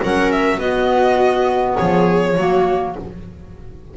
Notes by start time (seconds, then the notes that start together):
0.00 F#3 C#4 A#4 F#5
0.32 E5
0.58 B3 F#4 D#5
1.77 F3 G#4 C#5
2.37 F#3 A#3 F#4